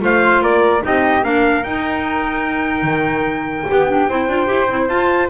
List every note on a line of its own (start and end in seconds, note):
0.00 0.42 A3
0.00 0.81 F4
0.00 0.43 C5
0.00 0.43 F5
0.42 0.82 A#3
0.42 0.83 A#4
0.42 0.84 D5
0.81 1.24 C4
0.81 1.22 D#4
0.81 1.24 G4
0.81 1.24 D#5
1.23 1.64 A#3
1.23 1.64 D4
1.23 3.68 A#4
1.23 1.64 F5
1.64 2.83 D#4
1.64 3.68 D#4
1.64 4.88 G5
2.83 3.64 D#3
3.68 4.09 B3
3.68 3.88 G4
3.68 4.09 G4
3.88 4.08 D4
4.09 4.29 C4
4.09 4.29 E4
4.09 5.30 C5
4.29 4.49 D4
4.29 4.46 F4
4.46 4.69 E4
4.46 4.67 G4
4.69 4.88 C4
4.69 4.90 E4
4.88 5.29 F4
4.88 5.30 F4
4.88 5.29 A5